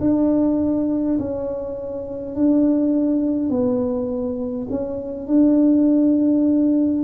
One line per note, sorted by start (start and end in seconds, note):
0.00 1.18 D4
1.19 2.35 C#4
2.35 3.49 D4
3.49 4.67 B3
4.70 5.27 C#4
5.27 7.03 D4